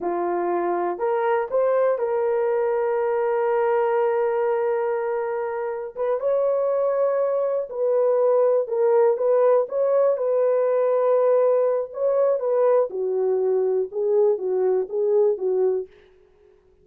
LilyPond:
\new Staff \with { instrumentName = "horn" } { \time 4/4 \tempo 4 = 121 f'2 ais'4 c''4 | ais'1~ | ais'1 | b'8 cis''2. b'8~ |
b'4. ais'4 b'4 cis''8~ | cis''8 b'2.~ b'8 | cis''4 b'4 fis'2 | gis'4 fis'4 gis'4 fis'4 | }